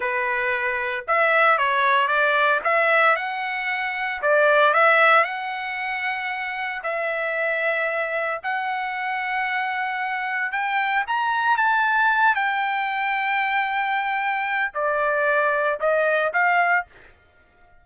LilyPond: \new Staff \with { instrumentName = "trumpet" } { \time 4/4 \tempo 4 = 114 b'2 e''4 cis''4 | d''4 e''4 fis''2 | d''4 e''4 fis''2~ | fis''4 e''2. |
fis''1 | g''4 ais''4 a''4. g''8~ | g''1 | d''2 dis''4 f''4 | }